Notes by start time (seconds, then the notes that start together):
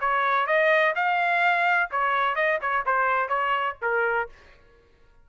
0.00 C#5
0.47 D#5
0.95 F5
1.91 C#5
2.35 D#5
2.61 C#5
2.86 C5
3.28 C#5
3.82 A#4